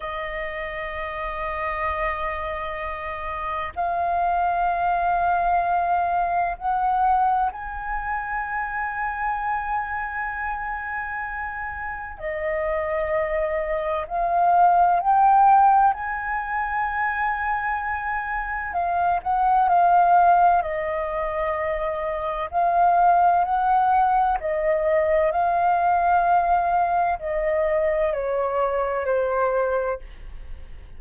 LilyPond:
\new Staff \with { instrumentName = "flute" } { \time 4/4 \tempo 4 = 64 dis''1 | f''2. fis''4 | gis''1~ | gis''4 dis''2 f''4 |
g''4 gis''2. | f''8 fis''8 f''4 dis''2 | f''4 fis''4 dis''4 f''4~ | f''4 dis''4 cis''4 c''4 | }